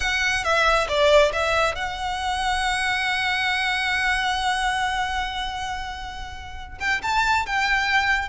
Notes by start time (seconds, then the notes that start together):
0.00 F#5
0.44 E5
0.88 D5
1.32 E5
1.75 F#5
6.79 G5
7.02 A5
7.46 G5